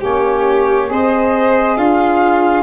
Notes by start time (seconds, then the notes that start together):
0.00 A#3 C#4 G4 C#5
0.87 C4 G#4 C5 D#5
1.77 D4 F4 F5